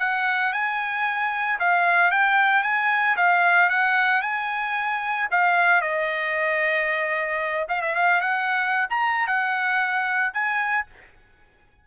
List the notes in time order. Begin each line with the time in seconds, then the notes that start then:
0.00 F#5
0.53 G#5
1.60 F5
2.11 G5
2.64 G#5
3.17 F5
3.70 F#5
4.22 G#5
5.31 F5
5.82 D#5
7.69 F5
7.82 E5
7.96 F5
8.22 F#5
8.90 A#5
9.28 F#5
10.34 G#5